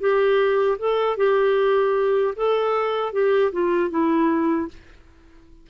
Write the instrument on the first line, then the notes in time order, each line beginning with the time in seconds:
clarinet
0.00 G4
0.79 A4
1.18 G4
2.36 A4
3.13 G4
3.53 F4
3.91 E4